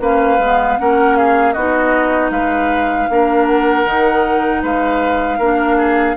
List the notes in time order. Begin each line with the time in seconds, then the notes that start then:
0.00 A#3 C#4 B4 F5
0.39 G#3 B3
0.79 A#3 C#4 A#4 F#5
1.17 G#4 F5
1.53 B3 D#4 F#4 D#5
2.31 G#3 B4 F5
3.10 A#3 D4 A#4
3.47 F#5
3.85 D#3 D#4
4.63 G#3 B4 F5
5.38 A#3 D4 A#4
5.77 G#4